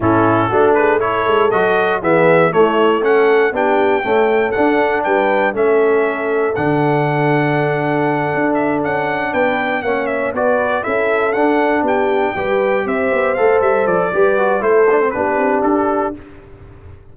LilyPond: <<
  \new Staff \with { instrumentName = "trumpet" } { \time 4/4 \tempo 4 = 119 a'4. b'8 cis''4 dis''4 | e''4 cis''4 fis''4 g''4~ | g''4 fis''4 g''4 e''4~ | e''4 fis''2.~ |
fis''4 e''8 fis''4 g''4 fis''8 | e''8 d''4 e''4 fis''4 g''8~ | g''4. e''4 f''8 e''8 d''8~ | d''4 c''4 b'4 a'4 | }
  \new Staff \with { instrumentName = "horn" } { \time 4/4 e'4 fis'8 gis'8 a'2 | gis'4 e'4 a'4 g'4 | a'2 b'4 a'4~ | a'1~ |
a'2~ a'8 b'4 cis''8~ | cis''8 b'4 a'2 g'8~ | g'8 b'4 c''2~ c''8 | b'4 a'4 g'2 | }
  \new Staff \with { instrumentName = "trombone" } { \time 4/4 cis'4 d'4 e'4 fis'4 | b4 a4 cis'4 d'4 | a4 d'2 cis'4~ | cis'4 d'2.~ |
d'2.~ d'8 cis'8~ | cis'8 fis'4 e'4 d'4.~ | d'8 g'2 a'4. | g'8 fis'8 e'8 d'16 c'16 d'2 | }
  \new Staff \with { instrumentName = "tuba" } { \time 4/4 a,4 a4. gis8 fis4 | e4 a2 b4 | cis'4 d'4 g4 a4~ | a4 d2.~ |
d8 d'4 cis'4 b4 ais8~ | ais8 b4 cis'4 d'4 b8~ | b8 g4 c'8 b8 a8 g8 f8 | g4 a4 b8 c'8 d'4 | }
>>